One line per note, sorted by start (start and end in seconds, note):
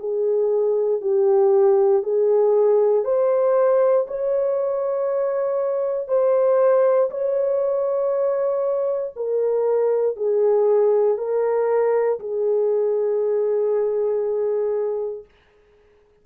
0.00 1.02 G#4
1.02 2.03 G4
2.03 3.05 G#4
3.05 4.06 C5
4.08 6.08 C#5
6.08 7.10 C5
7.11 9.14 C#5
9.16 10.17 A#4
10.17 11.18 G#4
11.18 12.20 A#4
12.20 15.25 G#4